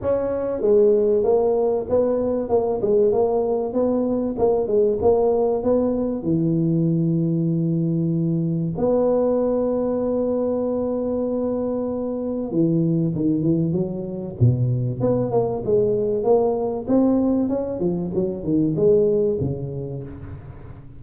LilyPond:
\new Staff \with { instrumentName = "tuba" } { \time 4/4 \tempo 4 = 96 cis'4 gis4 ais4 b4 | ais8 gis8 ais4 b4 ais8 gis8 | ais4 b4 e2~ | e2 b2~ |
b1 | e4 dis8 e8 fis4 b,4 | b8 ais8 gis4 ais4 c'4 | cis'8 f8 fis8 dis8 gis4 cis4 | }